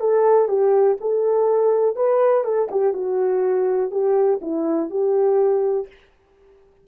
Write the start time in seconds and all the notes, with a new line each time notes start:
0.00 A4
0.48 G4
1.00 A4
1.96 B4
2.44 A4
2.71 G4
2.93 F#4
3.90 G4
4.41 E4
4.90 G4